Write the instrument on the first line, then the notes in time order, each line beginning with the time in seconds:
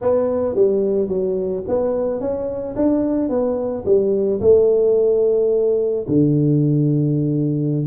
tuba
0.01 B3
0.55 G3
1.08 F#3
1.68 B3
2.20 C#4
2.75 D4
3.29 B3
3.85 G3
4.41 A3
6.08 D3